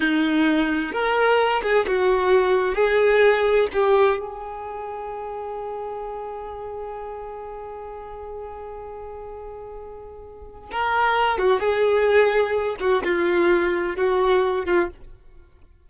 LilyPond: \new Staff \with { instrumentName = "violin" } { \time 4/4 \tempo 4 = 129 dis'2 ais'4. gis'8 | fis'2 gis'2 | g'4 gis'2.~ | gis'1~ |
gis'1~ | gis'2. ais'4~ | ais'8 fis'8 gis'2~ gis'8 fis'8 | f'2 fis'4. f'8 | }